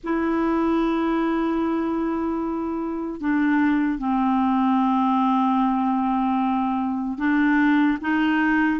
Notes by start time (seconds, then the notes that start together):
0.03 E4
3.20 D4
3.98 C4
7.17 D4
8.01 D#4